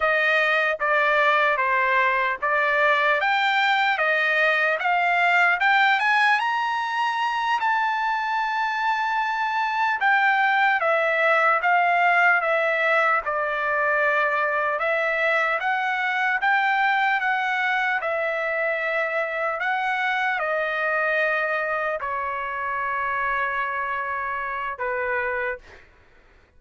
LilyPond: \new Staff \with { instrumentName = "trumpet" } { \time 4/4 \tempo 4 = 75 dis''4 d''4 c''4 d''4 | g''4 dis''4 f''4 g''8 gis''8 | ais''4. a''2~ a''8~ | a''8 g''4 e''4 f''4 e''8~ |
e''8 d''2 e''4 fis''8~ | fis''8 g''4 fis''4 e''4.~ | e''8 fis''4 dis''2 cis''8~ | cis''2. b'4 | }